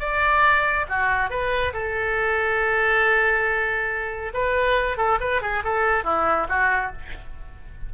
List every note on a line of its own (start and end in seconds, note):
0.00 0.86 D5
0.89 1.30 F#4
1.30 1.73 B4
1.74 4.33 A4
4.34 4.98 B4
4.98 5.20 A4
5.21 5.42 B4
5.42 5.64 G#4
5.65 6.05 A4
6.05 6.48 E4
6.49 6.93 F#4